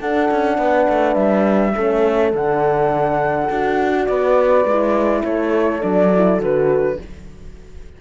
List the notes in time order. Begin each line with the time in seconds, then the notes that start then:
0.00 D4 A4 F#5
0.31 C#4
0.58 B3 B4
0.89 A3
1.14 G3 E5
1.75 A3 C#4 A4
2.33 D3 D4 F#5
3.50 D4 F#4
4.06 B3 B4 D5
4.65 G#3 E4
5.24 A3 A4 C#5
5.82 F#3 D4 D5
6.15 E4
6.40 D3 F#4 B4